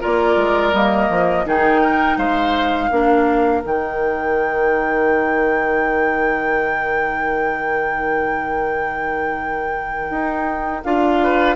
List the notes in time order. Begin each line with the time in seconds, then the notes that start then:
0.00 A#3 F4 A#4 D5
0.36 G#3
0.73 G3 A#3 D#5
1.09 F3
1.45 D#3 D#4 G#4 G5
1.81 A#4
2.17 G#3 C5 F5
2.90 A#3 D4 A#4
3.64 D#3 D#4 G5
10.10 D#4
10.84 D4 F4 F5
11.23 B4